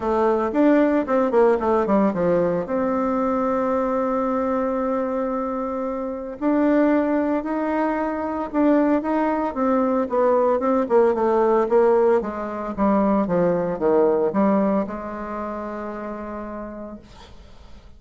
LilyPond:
\new Staff \with { instrumentName = "bassoon" } { \time 4/4 \tempo 4 = 113 a4 d'4 c'8 ais8 a8 g8 | f4 c'2.~ | c'1 | d'2 dis'2 |
d'4 dis'4 c'4 b4 | c'8 ais8 a4 ais4 gis4 | g4 f4 dis4 g4 | gis1 | }